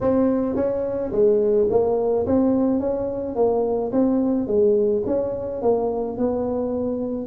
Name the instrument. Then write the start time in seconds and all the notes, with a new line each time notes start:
tuba
0.01 C4
0.55 C#4
1.12 G#3
1.69 A#3
2.26 C4
2.79 C#4
3.35 A#3
3.92 C4
4.47 G#3
5.06 C#4
5.62 A#3
6.17 B3